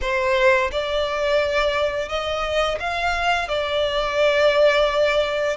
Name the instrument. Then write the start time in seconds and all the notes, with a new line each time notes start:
violin
0.01 C5
0.71 D5
2.08 D#5
2.79 F5
3.48 D5